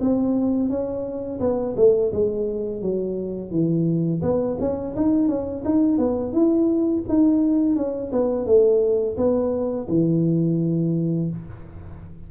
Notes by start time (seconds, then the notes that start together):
0.00 C4
0.69 C#4
1.40 B3
1.76 A3
2.12 G#3
2.81 F#3
3.51 E3
4.22 B3
4.60 C#4
4.96 D#4
5.28 C#4
5.65 D#4
5.98 B3
6.32 E4
7.08 D#4
7.76 C#4
8.12 B3
8.46 A3
9.17 B3
9.89 E3